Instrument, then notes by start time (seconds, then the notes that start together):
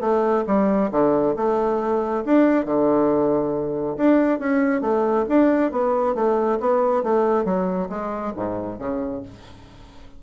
bassoon
0.00 A3
0.46 G3
0.91 D3
1.36 A3
2.25 D4
2.65 D3
3.97 D4
4.39 C#4
4.81 A3
5.28 D4
5.71 B3
6.15 A3
6.60 B3
7.03 A3
7.45 F#3
7.89 G#3
8.35 G#2
8.78 C#3